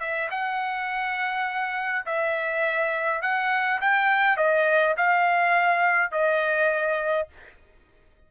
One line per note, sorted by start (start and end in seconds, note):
0.00 0.29 E5
0.31 2.05 F#5
2.06 3.22 E5
3.22 3.80 F#5
3.81 4.37 G5
4.37 4.96 D#5
4.97 6.12 F5
6.12 7.28 D#5